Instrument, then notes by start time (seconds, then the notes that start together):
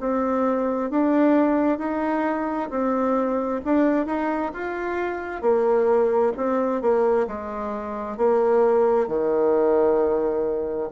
bassoon
0.00 C4
0.90 D4
1.79 D#4
2.70 C4
3.64 D4
4.06 D#4
4.53 F4
5.41 A#3
6.37 C4
6.81 A#3
7.27 G#3
8.17 A#3
9.07 D#3